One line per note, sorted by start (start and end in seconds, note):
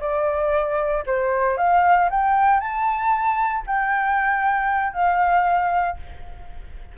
0.00 1.03 D5
1.06 1.57 C5
1.57 2.09 F5
2.10 2.60 G5
2.60 3.63 A5
3.66 4.93 G5
4.93 5.96 F5